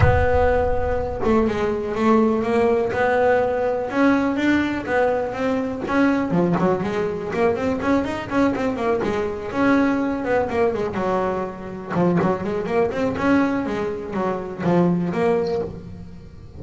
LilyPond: \new Staff \with { instrumentName = "double bass" } { \time 4/4 \tempo 4 = 123 b2~ b8 a8 gis4 | a4 ais4 b2 | cis'4 d'4 b4 c'4 | cis'4 f8 fis8 gis4 ais8 c'8 |
cis'8 dis'8 cis'8 c'8 ais8 gis4 cis'8~ | cis'4 b8 ais8 gis8 fis4.~ | fis8 f8 fis8 gis8 ais8 c'8 cis'4 | gis4 fis4 f4 ais4 | }